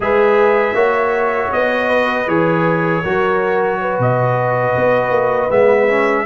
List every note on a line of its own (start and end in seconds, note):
0.00 0.74 G#3
0.00 0.74 G#4
0.00 0.75 B4
0.00 1.52 E5
0.74 1.50 A#3
0.74 2.26 F#4
0.74 1.88 C#5
1.52 2.27 B3
1.52 2.28 D#5
1.88 3.02 B4
2.27 3.03 E3
2.27 3.03 G#4
2.27 3.99 C#5
3.03 3.99 F#3
3.03 5.50 F#4
3.03 3.79 A#4
3.81 6.26 B4
3.99 4.75 B2
3.99 5.50 D#5
4.76 5.09 B3
5.09 5.47 A#3
5.50 6.26 G#3
5.50 5.87 B3
5.50 6.26 E5
5.88 6.26 C#4